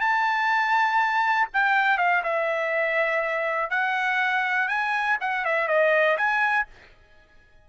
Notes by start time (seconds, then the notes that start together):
0.00 A5
1.53 G5
1.98 F5
2.23 E5
3.70 F#5
4.68 G#5
5.21 F#5
5.45 E5
5.68 D#5
6.17 G#5